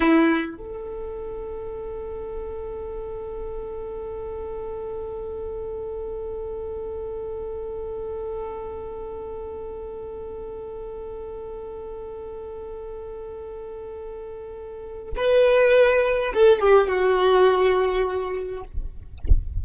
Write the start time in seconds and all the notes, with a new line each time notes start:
0.00 E4
0.57 A4
15.16 B4
16.33 A4
16.60 G4
16.88 F#4